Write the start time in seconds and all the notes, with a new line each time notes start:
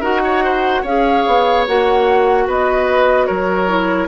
0.00 D#4 F#4 A#4 F#5
0.24 C#5
0.44 C5
0.82 C#4 G#4 C#5 F5
1.27 B3
1.67 A#3 F#4 F#5
2.47 B3 B4 D#5
3.25 F#3 A#4 C#5
3.67 E4